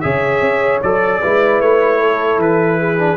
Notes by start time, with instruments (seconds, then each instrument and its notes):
0.00 tuba C#3, trombone G#4, horn C#5, trumpet E5
0.41 tuba C#4
0.82 tuba F#3, trombone A4, trumpet D5
1.21 tuba G#3, trombone E4, horn B4
1.60 tuba A3, trumpet C#5
1.99 horn A4
2.37 tuba E3, trumpet B4
2.78 horn G#4
2.98 trombone D4